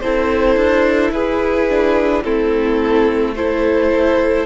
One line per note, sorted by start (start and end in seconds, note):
0.00 0.56 C4
0.00 1.69 E4
0.00 1.14 A4
0.00 1.11 C5
0.56 1.10 D4
1.10 2.22 E4
1.10 2.25 G#4
1.10 2.23 B4
1.69 2.24 D4
2.24 4.46 A3
2.24 3.35 C4
2.24 3.36 E4
2.24 3.35 A4
3.36 4.46 E4
3.36 4.46 A4
3.36 4.46 C5